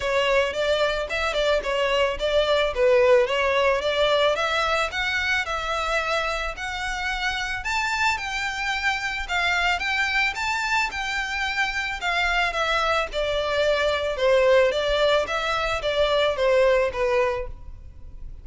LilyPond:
\new Staff \with { instrumentName = "violin" } { \time 4/4 \tempo 4 = 110 cis''4 d''4 e''8 d''8 cis''4 | d''4 b'4 cis''4 d''4 | e''4 fis''4 e''2 | fis''2 a''4 g''4~ |
g''4 f''4 g''4 a''4 | g''2 f''4 e''4 | d''2 c''4 d''4 | e''4 d''4 c''4 b'4 | }